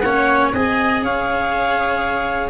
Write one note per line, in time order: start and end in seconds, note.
0.00 0.53 A#3
0.00 0.55 C#4
0.00 0.54 C#5
0.00 0.49 F#5
0.53 1.02 C4
0.53 2.50 G#4
0.53 1.04 D#5
0.53 1.03 G#5
1.02 2.50 C#4
1.02 2.50 C#5
1.02 2.50 F5